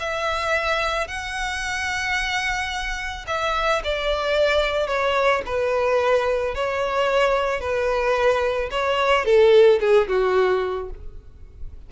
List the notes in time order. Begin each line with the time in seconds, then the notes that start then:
0.00 E5
1.08 F#5
3.28 E5
3.84 D5
4.88 C#5
5.46 B4
6.55 C#5
7.61 B4
8.71 C#5
9.26 A4
9.81 G#4
10.08 F#4